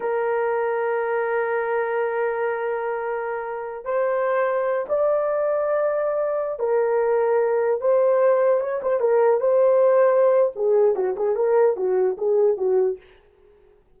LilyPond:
\new Staff \with { instrumentName = "horn" } { \time 4/4 \tempo 4 = 148 ais'1~ | ais'1~ | ais'4. c''2~ c''8 | d''1~ |
d''16 ais'2. c''8.~ | c''4~ c''16 cis''8 c''8 ais'4 c''8.~ | c''2 gis'4 fis'8 gis'8 | ais'4 fis'4 gis'4 fis'4 | }